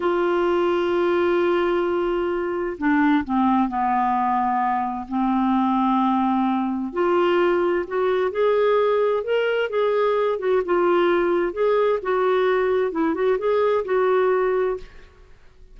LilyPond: \new Staff \with { instrumentName = "clarinet" } { \time 4/4 \tempo 4 = 130 f'1~ | f'2 d'4 c'4 | b2. c'4~ | c'2. f'4~ |
f'4 fis'4 gis'2 | ais'4 gis'4. fis'8 f'4~ | f'4 gis'4 fis'2 | e'8 fis'8 gis'4 fis'2 | }